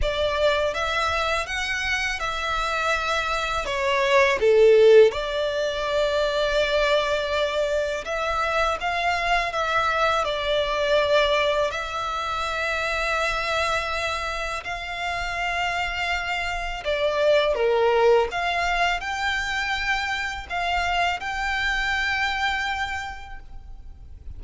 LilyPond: \new Staff \with { instrumentName = "violin" } { \time 4/4 \tempo 4 = 82 d''4 e''4 fis''4 e''4~ | e''4 cis''4 a'4 d''4~ | d''2. e''4 | f''4 e''4 d''2 |
e''1 | f''2. d''4 | ais'4 f''4 g''2 | f''4 g''2. | }